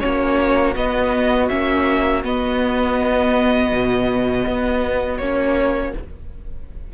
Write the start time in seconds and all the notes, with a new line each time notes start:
0.00 A#3 C#4 F#4 C#5
0.76 B3 D#5
1.49 A#3 C#4 E5
2.23 B3 D#5
3.72 B2
4.47 B3
5.18 A#3 C#4 C#5